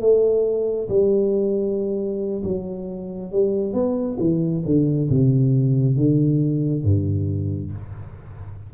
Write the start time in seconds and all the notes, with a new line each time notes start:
0.00 A3
0.89 G3
2.43 F#3
3.32 G3
3.73 B3
4.19 E3
4.65 D3
5.10 C3
5.96 D3
6.84 G2